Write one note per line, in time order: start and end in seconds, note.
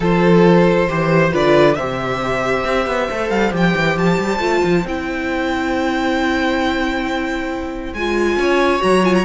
0.00 0.88 F3
0.00 0.88 F4
0.00 0.88 A4
0.00 1.35 C5
0.88 1.33 E3
0.88 1.31 G4
0.88 1.33 C5
1.31 1.78 D3
1.31 1.75 F4
1.31 1.76 B4
1.31 1.75 D5
1.75 2.64 C3
1.75 3.11 G4
1.75 8.38 C5
1.75 3.29 E5
2.64 2.86 C4
2.86 3.08 B3
3.10 3.30 A3
3.10 3.51 A4
3.30 3.52 G3
3.30 3.52 F5
3.51 3.74 F3
3.51 4.39 G4
3.51 3.98 G5
3.75 3.96 E3
3.96 4.18 F3
3.96 4.86 A5
4.18 4.39 G3
4.39 4.61 A3
4.39 4.83 F4
4.63 4.84 F3
4.84 7.93 C4
4.84 7.97 E4
4.84 7.93 G5
7.93 8.36 G#3
7.93 8.79 F4
7.93 8.82 G#5
8.36 8.81 C#4
8.36 9.25 C#5
8.79 9.25 F#3
8.79 9.01 F#4
8.79 9.04 A#5
9.03 9.25 F4
9.03 9.14 G#5
9.14 9.25 A#5